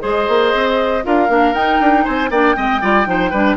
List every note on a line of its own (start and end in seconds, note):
0.00 0.28 G#3
0.00 1.02 G#4
0.00 1.04 C5
0.00 1.05 D#5
0.28 0.54 A#3
0.54 1.05 C4
1.04 1.29 D4
1.04 1.29 F4
1.04 2.05 A#4
1.04 1.54 F5
1.29 1.54 A#3
1.29 1.55 D4
1.54 1.80 D#4
1.54 2.32 D#4
1.54 2.05 G5
1.81 2.06 D4
2.05 2.30 C4
2.05 2.30 C5
2.05 2.30 G#5
2.30 2.56 A#3
2.30 2.56 D4
2.30 2.57 D5
2.30 3.57 G5
2.56 2.83 G#3
2.56 2.81 C4
2.56 2.82 D#5
2.82 3.07 G3
2.82 3.06 F4
2.82 3.07 D5
3.06 3.32 F3
3.06 3.31 D#4
3.06 3.31 C5
3.31 3.57 G3
3.31 3.57 D4
3.31 3.56 B4